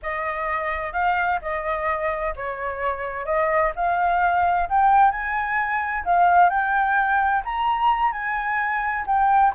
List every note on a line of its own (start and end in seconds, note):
0.02 0.93 D#5
0.93 1.39 F5
1.41 2.34 D#5
2.36 3.25 C#5
3.25 3.72 D#5
3.75 4.68 F5
4.69 5.11 G5
5.11 6.04 G#5
6.04 6.49 F5
6.49 7.42 G5
7.44 8.12 A#5
8.12 9.05 G#5
9.06 9.52 G5